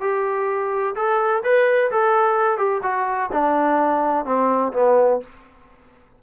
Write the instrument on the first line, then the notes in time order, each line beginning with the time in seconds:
trombone
0.00 G4
0.95 A4
1.43 B4
1.91 A4
2.57 G4
2.82 F#4
3.32 D4
4.25 C4
4.73 B3